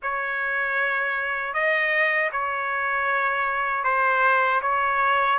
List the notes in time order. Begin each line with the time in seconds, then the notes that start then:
0.02 C#5
1.53 D#5
2.31 C#5
3.84 C5
4.62 C#5